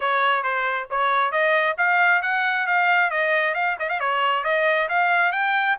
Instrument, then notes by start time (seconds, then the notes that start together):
trumpet
0.00 C#5
0.43 C5
0.90 C#5
1.31 D#5
1.77 F5
2.22 F#5
2.66 F5
3.10 D#5
3.54 F5
3.79 D#5
3.89 F5
3.99 C#5
4.43 D#5
4.88 F5
5.32 G5